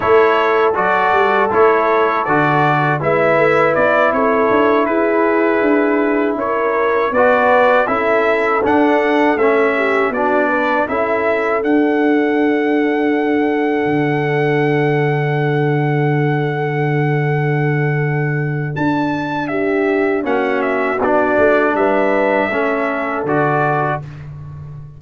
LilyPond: <<
  \new Staff \with { instrumentName = "trumpet" } { \time 4/4 \tempo 4 = 80 cis''4 d''4 cis''4 d''4 | e''4 d''8 cis''4 b'4.~ | b'8 cis''4 d''4 e''4 fis''8~ | fis''8 e''4 d''4 e''4 fis''8~ |
fis''1~ | fis''1~ | fis''4 a''4 e''4 fis''8 e''8 | d''4 e''2 d''4 | }
  \new Staff \with { instrumentName = "horn" } { \time 4/4 a'1 | b'4. a'4 gis'4.~ | gis'8 ais'4 b'4 a'4.~ | a'4 g'8 fis'8 b'8 a'4.~ |
a'1~ | a'1~ | a'2 g'4 fis'4~ | fis'4 b'4 a'2 | }
  \new Staff \with { instrumentName = "trombone" } { \time 4/4 e'4 fis'4 e'4 fis'4 | e'1~ | e'4. fis'4 e'4 d'8~ | d'8 cis'4 d'4 e'4 d'8~ |
d'1~ | d'1~ | d'2. cis'4 | d'2 cis'4 fis'4 | }
  \new Staff \with { instrumentName = "tuba" } { \time 4/4 a4 fis8 g8 a4 d4 | gis8 a8 b8 c'8 d'8 e'4 d'8~ | d'8 cis'4 b4 cis'4 d'8~ | d'8 a4 b4 cis'4 d'8~ |
d'2~ d'8 d4.~ | d1~ | d4 d'2 ais4 | b8 a8 g4 a4 d4 | }
>>